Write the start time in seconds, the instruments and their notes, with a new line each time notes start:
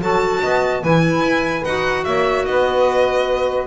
0.00 double bass F#3, clarinet F#4, saxophone A4, violin A5
0.42 double bass B3, saxophone D#5
0.82 double bass E3, clarinet E4, saxophone B4, violin G#5
1.22 double bass E4
1.64 double bass D#4, clarinet F#4, violin F#5
2.04 double bass A#3, saxophone C#5, violin E5
2.45 double bass B3, saxophone B4, violin D#5